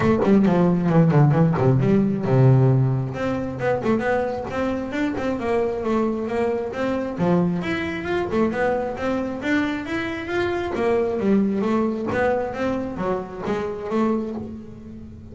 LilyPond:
\new Staff \with { instrumentName = "double bass" } { \time 4/4 \tempo 4 = 134 a8 g8 f4 e8 d8 e8 c8 | g4 c2 c'4 | b8 a8 b4 c'4 d'8 c'8 | ais4 a4 ais4 c'4 |
f4 e'4 f'8 a8 b4 | c'4 d'4 e'4 f'4 | ais4 g4 a4 b4 | c'4 fis4 gis4 a4 | }